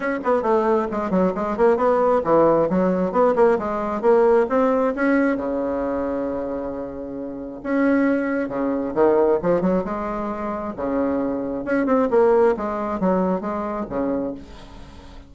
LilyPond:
\new Staff \with { instrumentName = "bassoon" } { \time 4/4 \tempo 4 = 134 cis'8 b8 a4 gis8 fis8 gis8 ais8 | b4 e4 fis4 b8 ais8 | gis4 ais4 c'4 cis'4 | cis1~ |
cis4 cis'2 cis4 | dis4 f8 fis8 gis2 | cis2 cis'8 c'8 ais4 | gis4 fis4 gis4 cis4 | }